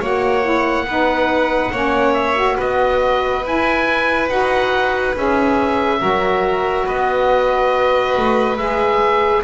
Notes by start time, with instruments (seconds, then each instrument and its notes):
0.00 double bass A#3, saxophone F#4, violin C#5, oboe F#5
0.42 saxophone E4
0.85 double bass B3, saxophone D#4, violin B4
1.71 double bass A#3, saxophone C#4, violin C#5
2.14 oboe E5
2.34 saxophone F#4
2.56 double bass B3, violin B4, oboe D#5
3.44 saxophone E4, double bass E4, oboe G#5
4.29 double bass D#4, saxophone F#4, oboe F#5
5.16 double bass C#4, saxophone G#4, oboe E5
5.99 double bass F#3, saxophone F#4, violin A#4
6.85 double bass B3, violin B4, oboe D#5
8.17 double bass A3
8.57 double bass G#3, saxophone G#4, oboe E5